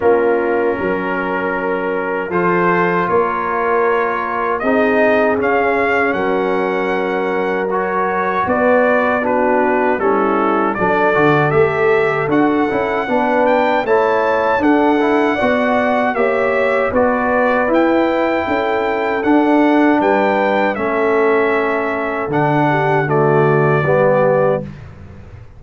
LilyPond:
<<
  \new Staff \with { instrumentName = "trumpet" } { \time 4/4 \tempo 4 = 78 ais'2. c''4 | cis''2 dis''4 f''4 | fis''2 cis''4 d''4 | b'4 a'4 d''4 e''4 |
fis''4. g''8 a''4 fis''4~ | fis''4 e''4 d''4 g''4~ | g''4 fis''4 g''4 e''4~ | e''4 fis''4 d''2 | }
  \new Staff \with { instrumentName = "horn" } { \time 4/4 f'4 ais'2 a'4 | ais'2 gis'2 | ais'2. b'4 | fis'4 e'4 a'2~ |
a'4 b'4 cis''4 a'4 | d''4 cis''4 b'2 | a'2 b'4 a'4~ | a'4. g'8 fis'4 g'4 | }
  \new Staff \with { instrumentName = "trombone" } { \time 4/4 cis'2. f'4~ | f'2 dis'4 cis'4~ | cis'2 fis'2 | d'4 cis'4 d'8 fis'8 g'4 |
fis'8 e'8 d'4 e'4 d'8 e'8 | fis'4 g'4 fis'4 e'4~ | e'4 d'2 cis'4~ | cis'4 d'4 a4 b4 | }
  \new Staff \with { instrumentName = "tuba" } { \time 4/4 ais4 fis2 f4 | ais2 c'4 cis'4 | fis2. b4~ | b4 g4 fis8 d8 a4 |
d'8 cis'8 b4 a4 d'4 | b4 ais4 b4 e'4 | cis'4 d'4 g4 a4~ | a4 d2 g4 | }
>>